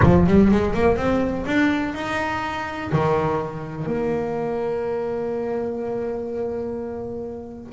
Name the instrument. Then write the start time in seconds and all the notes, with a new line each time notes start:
double bass
0.02 F3
0.26 G3
0.51 G#3
0.74 A#3
0.97 C4
1.46 D4
1.94 D#4
2.92 D#3
3.86 A#3